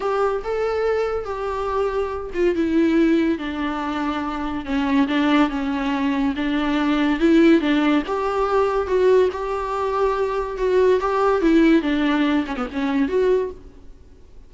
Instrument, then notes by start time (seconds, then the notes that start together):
viola
0.00 G4
0.43 A4
1.25 G4
2.34 F4
2.55 E4
3.38 D4
4.65 C#4
5.07 D4
5.49 C#4
6.36 D4
7.19 E4
7.60 D4
8.06 G4
8.87 F#4
9.31 G4
10.57 F#4
11.00 G4
11.41 E4
11.82 D4
12.46 C#4
12.56 B3
12.72 C#4
13.08 F#4